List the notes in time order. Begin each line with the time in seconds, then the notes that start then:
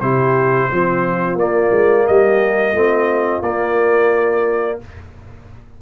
0.00 C3 E4 G4 C5
0.70 F3 C4 F4
1.35 A#3 D5
1.71 G#3
2.06 G3 G4 D#5
2.72 A3 C4 F4
3.41 A#3 D5